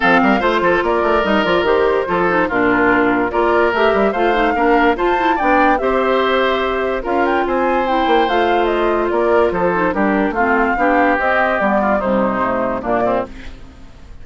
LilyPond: <<
  \new Staff \with { instrumentName = "flute" } { \time 4/4 \tempo 4 = 145 f''4 c''4 d''4 dis''8 d''8 | c''2 ais'2 | d''4 e''4 f''2 | a''4 g''4 e''2~ |
e''4 f''8 g''8 gis''4 g''4 | f''4 dis''4 d''4 c''4 | ais'4 f''2 dis''4 | d''4 c''2 d''4 | }
  \new Staff \with { instrumentName = "oboe" } { \time 4/4 a'8 ais'8 c''8 a'8 ais'2~ | ais'4 a'4 f'2 | ais'2 c''4 ais'4 | c''4 d''4 c''2~ |
c''4 ais'4 c''2~ | c''2 ais'4 a'4 | g'4 f'4 g'2~ | g'8 f'8 dis'2 d'8 c'8 | }
  \new Staff \with { instrumentName = "clarinet" } { \time 4/4 c'4 f'2 dis'8 f'8 | g'4 f'8 dis'8 d'2 | f'4 g'4 f'8 dis'8 d'4 | f'8 e'8 d'4 g'2~ |
g'4 f'2 e'4 | f'2.~ f'8 dis'8 | d'4 c'4 d'4 c'4 | b4 g4 a4 ais4 | }
  \new Staff \with { instrumentName = "bassoon" } { \time 4/4 f8 g8 a8 f8 ais8 a8 g8 f8 | dis4 f4 ais,2 | ais4 a8 g8 a4 ais4 | f'4 b4 c'2~ |
c'4 cis'4 c'4. ais8 | a2 ais4 f4 | g4 a4 b4 c'4 | g4 c2 ais,4 | }
>>